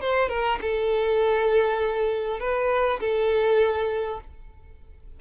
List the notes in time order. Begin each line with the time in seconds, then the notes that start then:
0.00 C5
0.29 A#4
0.61 A4
2.39 B4
3.00 A4